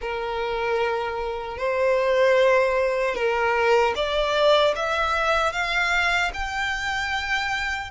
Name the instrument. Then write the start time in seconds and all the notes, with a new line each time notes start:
violin
0.01 A#4
1.57 C5
3.15 A#4
3.95 D5
4.75 E5
5.52 F5
6.33 G5